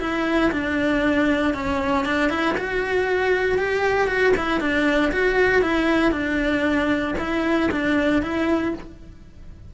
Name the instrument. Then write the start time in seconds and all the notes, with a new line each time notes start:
cello
0.00 E4
0.52 D4
1.54 C#4
2.05 D4
2.30 E4
2.58 F#4
3.59 G4
4.07 F#4
4.37 E4
4.60 D4
5.12 F#4
5.62 E4
6.12 D4
7.19 E4
7.71 D4
8.23 E4